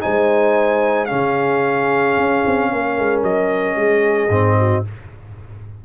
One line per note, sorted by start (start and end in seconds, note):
0.00 1.11 G#3
0.00 1.07 D#4
0.00 1.09 C5
0.00 1.05 G#5
1.05 4.29 C#4
1.05 2.70 G#4
1.05 3.20 F5
1.11 2.17 C#3
2.17 2.44 C#4
2.46 2.72 C4
2.71 2.98 A#3
2.71 3.77 A#4
2.98 3.23 G#3
3.23 3.76 F#3
3.23 4.84 D#5
3.76 4.29 G#3
3.76 4.57 G#4
4.29 4.82 G#2
4.29 4.84 C4
4.57 4.84 F#4